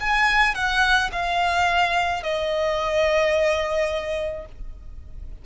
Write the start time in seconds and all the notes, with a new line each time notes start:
0.00 G#5
0.55 F#5
1.12 F5
2.23 D#5